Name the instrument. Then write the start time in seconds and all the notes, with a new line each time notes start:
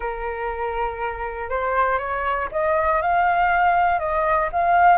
flute
0.00 A#4
1.49 C5
1.98 C#5
2.51 D#5
3.01 F5
3.99 D#5
4.52 F5